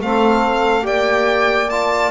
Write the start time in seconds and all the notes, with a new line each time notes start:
0.00 A3 C4 A4 F5
0.82 A#3 G4 D5 G5
1.70 F4 A5